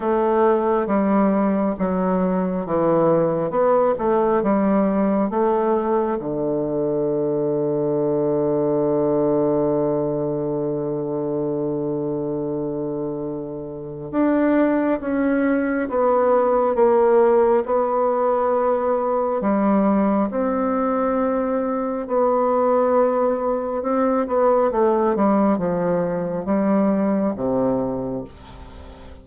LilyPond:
\new Staff \with { instrumentName = "bassoon" } { \time 4/4 \tempo 4 = 68 a4 g4 fis4 e4 | b8 a8 g4 a4 d4~ | d1~ | d1 |
d'4 cis'4 b4 ais4 | b2 g4 c'4~ | c'4 b2 c'8 b8 | a8 g8 f4 g4 c4 | }